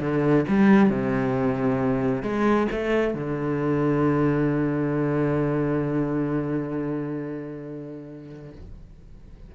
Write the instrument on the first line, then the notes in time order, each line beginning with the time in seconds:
cello
0.00 D3
0.48 G3
0.89 C3
2.22 G#3
2.71 A3
3.14 D3